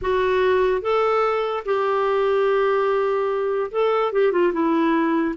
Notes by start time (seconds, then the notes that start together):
0.01 F#4
0.81 A4
1.65 G4
3.71 A4
4.12 G4
4.32 F4
4.52 E4